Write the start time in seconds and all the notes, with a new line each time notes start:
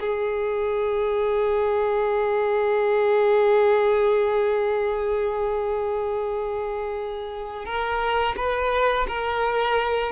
0.00 G#4
7.65 A#4
8.37 B4
9.08 A#4